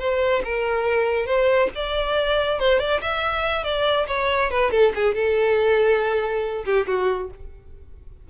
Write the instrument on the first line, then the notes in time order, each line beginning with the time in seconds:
violin
0.00 C5
0.45 A#4
1.27 C5
1.76 D5
2.60 C5
2.80 D5
3.02 E5
3.64 D5
4.08 C#5
4.51 B4
4.72 A4
4.96 G#4
5.15 A4
6.65 G4
6.88 F#4